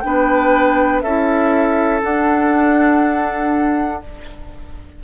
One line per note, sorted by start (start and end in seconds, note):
0.00 1.02 B3
0.00 1.04 D4
0.00 1.03 B4
0.00 1.00 G5
1.01 2.02 C#4
1.01 2.01 E4
1.01 4.03 A4
1.01 2.01 E5
2.01 4.01 D4
2.01 4.03 D4
2.01 4.03 F#5